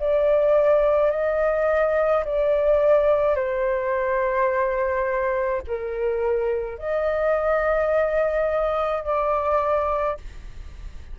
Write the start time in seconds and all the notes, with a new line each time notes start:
0.00 D5
1.11 D#5
2.25 D5
3.36 C5
5.68 A#4
6.79 D#5
9.04 D5